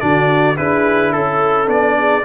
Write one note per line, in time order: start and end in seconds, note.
0.00 0.59 D3
0.00 0.56 D4
0.00 0.57 F#4
0.00 0.57 D5
0.57 1.15 D4
0.57 1.67 E4
0.57 1.14 G#4
0.57 1.13 B4
1.13 1.68 C#4
1.13 1.69 A4
1.13 1.98 A4
1.67 2.24 B3
1.67 2.23 D4
1.67 2.25 D5
1.98 2.25 G#4